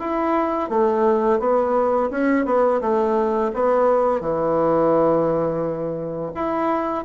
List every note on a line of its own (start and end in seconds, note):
0.00 0.70 E4
0.70 1.40 A3
1.40 2.10 B3
2.11 2.46 C#4
2.46 2.81 B3
2.81 3.52 A3
3.55 4.21 B3
4.21 6.33 E3
6.35 7.05 E4